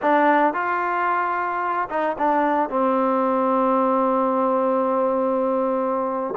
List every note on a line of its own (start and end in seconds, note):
0.01 0.53 D4
0.53 1.88 F4
1.89 2.16 D#4
2.18 2.69 D4
2.69 6.34 C4